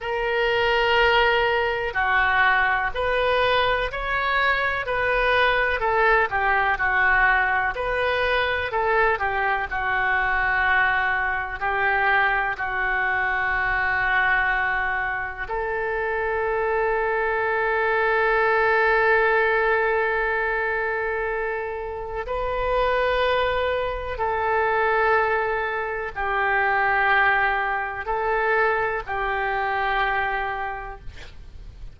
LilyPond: \new Staff \with { instrumentName = "oboe" } { \time 4/4 \tempo 4 = 62 ais'2 fis'4 b'4 | cis''4 b'4 a'8 g'8 fis'4 | b'4 a'8 g'8 fis'2 | g'4 fis'2. |
a'1~ | a'2. b'4~ | b'4 a'2 g'4~ | g'4 a'4 g'2 | }